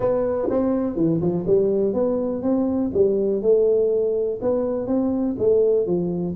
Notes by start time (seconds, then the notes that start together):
0.00 B3
0.50 C4
0.95 E3
1.21 F3
1.47 G3
1.93 B3
2.42 C4
2.93 G3
3.42 A3
4.41 B3
4.86 C4
5.38 A3
5.86 F3